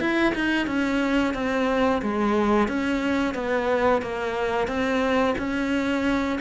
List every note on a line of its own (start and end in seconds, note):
0.00 0.34 E4
0.35 0.67 D#4
0.67 1.34 C#4
1.34 2.02 C4
2.02 2.68 G#3
2.68 3.35 C#4
3.35 4.02 B3
4.02 4.68 A#3
4.68 5.35 C4
5.38 6.39 C#4